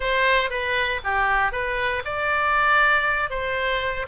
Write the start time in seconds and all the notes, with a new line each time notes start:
0.00 C5
0.50 B4
1.04 G4
1.52 B4
2.04 D5
3.30 C5